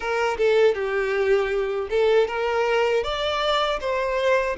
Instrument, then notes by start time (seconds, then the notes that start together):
violin
0.00 A#4
0.37 A4
0.74 G4
1.90 A4
2.27 A#4
3.03 D5
3.80 C5